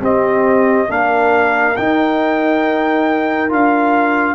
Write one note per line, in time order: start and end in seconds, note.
0.00 0.87 C4
0.00 0.88 C4
0.00 0.87 G4
0.00 0.91 D#5
0.88 1.76 A#3
0.88 1.75 D4
0.88 4.35 A#4
0.88 1.76 F5
1.76 3.49 D#4
1.76 3.52 D#4
1.76 3.50 G5
3.49 4.35 D4
3.49 4.35 F4
3.49 4.35 F5